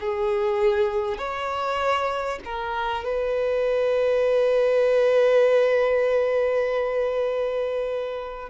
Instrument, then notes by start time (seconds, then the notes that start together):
violin
0.00 G#4
1.18 C#5
2.45 A#4
3.04 B4